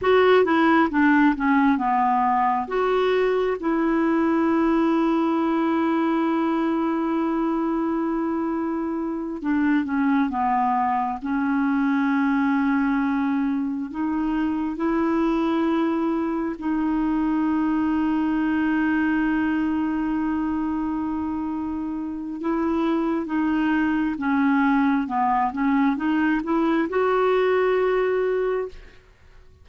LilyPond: \new Staff \with { instrumentName = "clarinet" } { \time 4/4 \tempo 4 = 67 fis'8 e'8 d'8 cis'8 b4 fis'4 | e'1~ | e'2~ e'8 d'8 cis'8 b8~ | b8 cis'2. dis'8~ |
dis'8 e'2 dis'4.~ | dis'1~ | dis'4 e'4 dis'4 cis'4 | b8 cis'8 dis'8 e'8 fis'2 | }